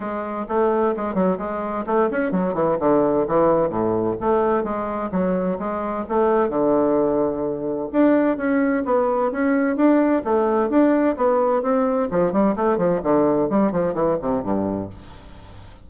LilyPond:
\new Staff \with { instrumentName = "bassoon" } { \time 4/4 \tempo 4 = 129 gis4 a4 gis8 fis8 gis4 | a8 cis'8 fis8 e8 d4 e4 | a,4 a4 gis4 fis4 | gis4 a4 d2~ |
d4 d'4 cis'4 b4 | cis'4 d'4 a4 d'4 | b4 c'4 f8 g8 a8 f8 | d4 g8 f8 e8 c8 g,4 | }